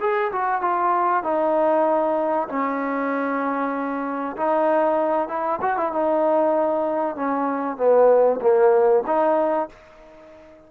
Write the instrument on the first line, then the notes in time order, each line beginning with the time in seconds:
trombone
0.00 G#4
0.32 F#4
0.61 F4
1.23 D#4
2.49 C#4
4.36 D#4
5.28 E4
5.61 F#4
5.77 E4
5.92 D#4
7.16 C#4
7.77 B3
8.41 A#3
9.07 D#4